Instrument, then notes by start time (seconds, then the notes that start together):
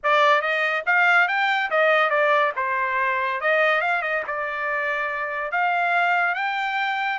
trumpet
0.03 D5
0.41 D#5
0.86 F5
1.28 G5
1.70 D#5
2.10 D5
2.56 C5
3.40 D#5
3.81 F5
4.02 D#5
4.27 D5
5.51 F5
6.34 G5